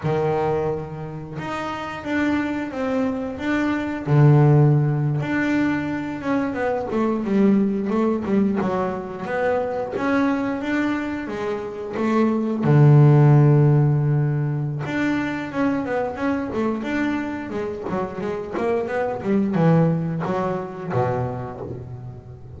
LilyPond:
\new Staff \with { instrumentName = "double bass" } { \time 4/4 \tempo 4 = 89 dis2 dis'4 d'4 | c'4 d'4 d4.~ d16 d'16~ | d'4~ d'16 cis'8 b8 a8 g4 a16~ | a16 g8 fis4 b4 cis'4 d'16~ |
d'8. gis4 a4 d4~ d16~ | d2 d'4 cis'8 b8 | cis'8 a8 d'4 gis8 fis8 gis8 ais8 | b8 g8 e4 fis4 b,4 | }